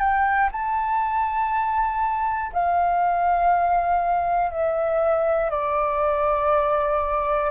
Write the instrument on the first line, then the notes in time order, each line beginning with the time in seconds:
flute
0.00 G5
0.52 A5
2.53 F5
4.52 E5
5.51 D5